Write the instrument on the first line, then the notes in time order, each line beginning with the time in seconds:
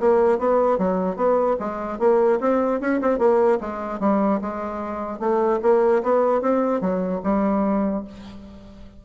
bassoon
0.00 A#3
0.39 B3
0.78 F#3
1.16 B3
1.60 G#3
1.99 A#3
2.41 C4
2.81 C#4
3.02 C4
3.18 A#3
3.61 G#3
4.00 G3
4.42 G#3
5.20 A3
5.62 A#3
6.03 B3
6.42 C4
6.81 F#3
7.24 G3